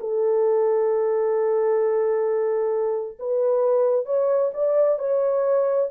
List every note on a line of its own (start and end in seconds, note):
0.00 3.18 A4
3.19 4.06 B4
4.06 4.51 C#5
4.54 4.99 D5
4.99 5.90 C#5